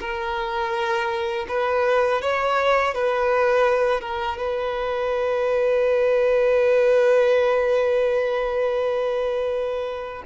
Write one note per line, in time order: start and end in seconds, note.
0.00 1.46 A#4
1.48 2.22 B4
2.22 2.94 C#5
2.94 4.01 B4
4.01 4.38 A#4
4.38 10.23 B4